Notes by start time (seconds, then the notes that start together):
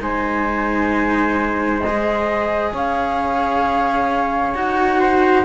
0.00 G#3 D#4 C5 G#5
1.81 G#4 D#5
2.73 C#4 C#5 F5
4.54 D#4 F#4 F#5
5.00 C5